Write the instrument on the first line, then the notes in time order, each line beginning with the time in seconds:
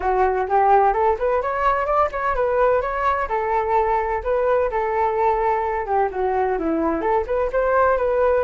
flute
0.00 F#4
0.48 G4
0.93 A4
1.18 B4
1.41 C#5
1.86 D5
2.11 C#5
2.35 B4
2.81 C#5
3.28 A4
4.23 B4
4.70 A4
5.86 G4
6.11 F#4
6.58 E4
7.01 A4
7.27 B4
7.52 C5
7.97 B4